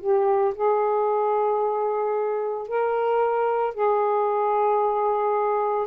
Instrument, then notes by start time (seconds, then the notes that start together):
saxophone
0.00 G4
0.55 G#4
2.68 A#4
3.74 G#4